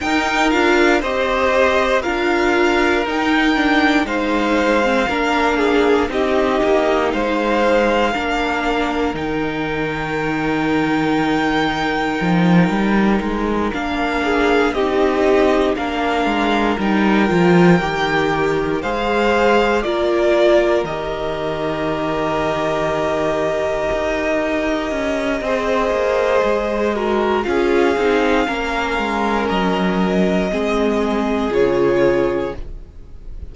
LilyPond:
<<
  \new Staff \with { instrumentName = "violin" } { \time 4/4 \tempo 4 = 59 g''8 f''8 dis''4 f''4 g''4 | f''2 dis''4 f''4~ | f''4 g''2.~ | g''4. f''4 dis''4 f''8~ |
f''8 g''2 f''4 d''8~ | d''8 dis''2.~ dis''8~ | dis''2. f''4~ | f''4 dis''2 cis''4 | }
  \new Staff \with { instrumentName = "violin" } { \time 4/4 ais'4 c''4 ais'2 | c''4 ais'8 gis'8 g'4 c''4 | ais'1~ | ais'2 gis'8 g'4 ais'8~ |
ais'2~ ais'8 c''4 ais'8~ | ais'1~ | ais'4 c''4. ais'8 gis'4 | ais'2 gis'2 | }
  \new Staff \with { instrumentName = "viola" } { \time 4/4 dis'8 f'8 g'4 f'4 dis'8 d'8 | dis'8. c'16 d'4 dis'2 | d'4 dis'2.~ | dis'4. d'4 dis'4 d'8~ |
d'8 dis'8 f'8 g'4 gis'4 f'8~ | f'8 g'2.~ g'8~ | g'4 gis'4. fis'8 f'8 dis'8 | cis'2 c'4 f'4 | }
  \new Staff \with { instrumentName = "cello" } { \time 4/4 dis'8 d'8 c'4 d'4 dis'4 | gis4 ais4 c'8 ais8 gis4 | ais4 dis2. | f8 g8 gis8 ais4 c'4 ais8 |
gis8 g8 f8 dis4 gis4 ais8~ | ais8 dis2. dis'8~ | dis'8 cis'8 c'8 ais8 gis4 cis'8 c'8 | ais8 gis8 fis4 gis4 cis4 | }
>>